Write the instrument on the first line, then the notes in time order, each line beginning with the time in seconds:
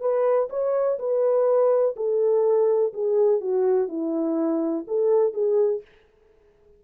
horn
0.00 B4
0.50 C#5
0.99 B4
1.96 A4
2.93 G#4
3.40 F#4
3.88 E4
4.87 A4
5.33 G#4